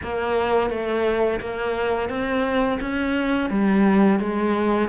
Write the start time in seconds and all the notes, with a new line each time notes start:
0.02 A#3
0.70 A3
1.40 A#3
2.09 C4
2.80 C#4
3.50 G3
4.19 G#3